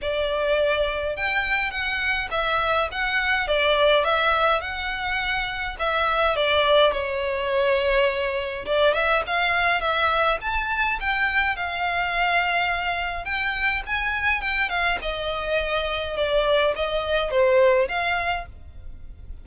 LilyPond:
\new Staff \with { instrumentName = "violin" } { \time 4/4 \tempo 4 = 104 d''2 g''4 fis''4 | e''4 fis''4 d''4 e''4 | fis''2 e''4 d''4 | cis''2. d''8 e''8 |
f''4 e''4 a''4 g''4 | f''2. g''4 | gis''4 g''8 f''8 dis''2 | d''4 dis''4 c''4 f''4 | }